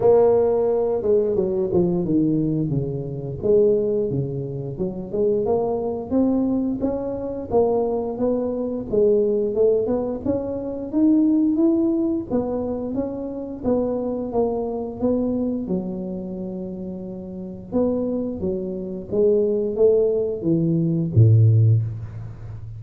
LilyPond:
\new Staff \with { instrumentName = "tuba" } { \time 4/4 \tempo 4 = 88 ais4. gis8 fis8 f8 dis4 | cis4 gis4 cis4 fis8 gis8 | ais4 c'4 cis'4 ais4 | b4 gis4 a8 b8 cis'4 |
dis'4 e'4 b4 cis'4 | b4 ais4 b4 fis4~ | fis2 b4 fis4 | gis4 a4 e4 a,4 | }